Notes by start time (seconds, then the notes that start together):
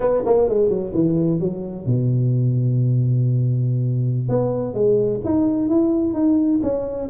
0.00 B3
0.25 A#3
0.48 G#3
0.69 F#3
0.94 E3
1.40 F#3
1.85 B2
4.29 B3
4.73 G#3
5.24 D#4
5.68 E4
6.13 D#4
6.63 C#4